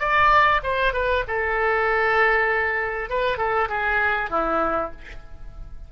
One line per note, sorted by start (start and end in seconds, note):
0.00 0.61 D5
0.63 0.94 C5
0.94 1.24 B4
1.28 3.10 A4
3.10 3.38 B4
3.38 3.69 A4
3.69 4.30 G#4
4.30 4.91 E4